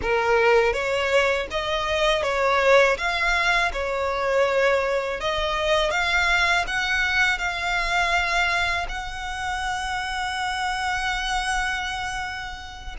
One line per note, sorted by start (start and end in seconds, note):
0.02 0.73 A#4
0.73 1.47 C#5
1.51 2.23 D#5
2.23 2.97 C#5
2.97 3.71 F5
3.72 5.20 C#5
5.20 5.91 D#5
5.91 6.65 F5
6.67 7.38 F#5
7.38 8.86 F5
8.88 12.96 F#5